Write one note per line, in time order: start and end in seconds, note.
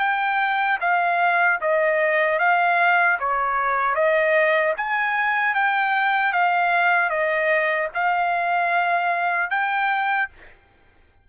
0.00 0.79 G5
0.81 1.60 F5
1.61 2.39 D#5
2.39 3.18 F5
3.20 3.95 C#5
3.95 4.74 D#5
4.78 5.55 G#5
5.55 6.33 G5
6.33 7.10 F5
7.10 7.89 D#5
7.94 9.51 F5
9.51 10.30 G5